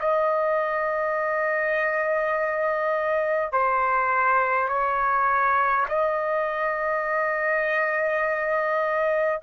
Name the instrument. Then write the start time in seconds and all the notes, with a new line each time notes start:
trumpet
0.00 D#5
3.53 C5
4.69 C#5
5.89 D#5